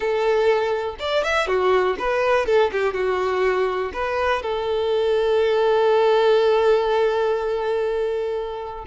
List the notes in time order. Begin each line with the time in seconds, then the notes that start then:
0.00 A4
0.99 D5
1.23 E5
1.47 F#4
1.98 B4
2.46 A4
2.72 G4
2.93 F#4
3.93 B4
4.42 A4